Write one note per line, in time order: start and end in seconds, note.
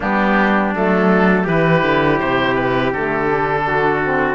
0.00 0.74 G3
0.00 0.73 B3
0.00 1.43 D4
0.00 0.74 G4
0.74 1.46 F#3
0.74 1.47 A3
0.74 1.47 A4
1.43 1.82 E3
1.43 2.93 E4
1.43 3.62 G4
1.43 2.19 B4
1.82 2.19 D3
2.19 2.93 C3
2.19 2.55 C5
2.55 2.91 B4
2.93 4.35 D3
2.93 3.28 A3
2.93 4.35 A4
3.28 4.01 D4
3.67 4.35 F#4
4.02 4.35 C4